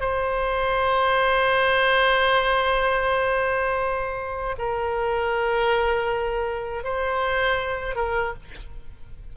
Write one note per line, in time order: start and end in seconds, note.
0.00 4.56 C5
4.58 6.84 A#4
6.84 7.95 C5
7.95 8.33 A#4